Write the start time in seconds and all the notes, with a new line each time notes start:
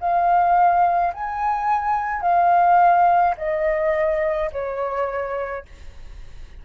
0.00 F5
1.14 G#5
2.22 F5
3.37 D#5
4.52 C#5